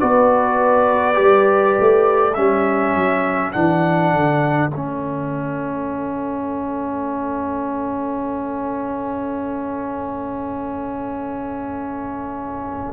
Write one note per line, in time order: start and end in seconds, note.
0.00 1.19 B3
0.00 1.14 F#4
0.00 2.36 B4
0.00 2.34 D5
1.14 1.78 G3
1.14 2.32 G4
1.79 2.37 A3
2.34 2.96 G3
2.34 3.53 C#4
2.34 12.93 A4
2.34 3.51 E5
2.96 3.54 F#3
3.52 4.13 E3
3.52 4.70 D4
3.52 4.70 F#5
4.13 4.70 D3
4.70 12.93 A3
4.70 12.93 C#4
4.70 12.93 E5